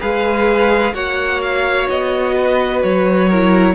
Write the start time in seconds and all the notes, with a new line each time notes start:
0.00 G#3 G#4 B4 F5
0.94 A#3 F#4 C#5 F#5
1.41 F5
1.89 B3 D#5
2.36 B4
2.83 F#3 C#5
3.29 E4 A#4